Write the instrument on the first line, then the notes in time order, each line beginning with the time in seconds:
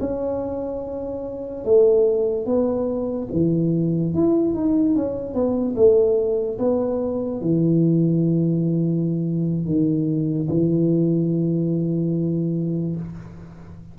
tuba
0.00 C#4
1.64 A3
2.45 B3
3.32 E3
4.14 E4
4.54 D#4
4.95 C#4
5.34 B3
5.76 A3
6.58 B3
7.41 E3
9.66 D#3
10.49 E3